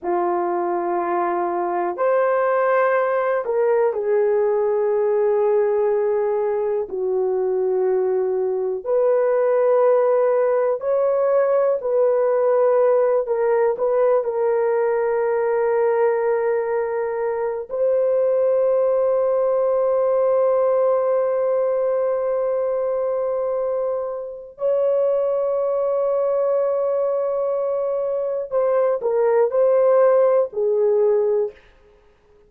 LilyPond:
\new Staff \with { instrumentName = "horn" } { \time 4/4 \tempo 4 = 61 f'2 c''4. ais'8 | gis'2. fis'4~ | fis'4 b'2 cis''4 | b'4. ais'8 b'8 ais'4.~ |
ais'2 c''2~ | c''1~ | c''4 cis''2.~ | cis''4 c''8 ais'8 c''4 gis'4 | }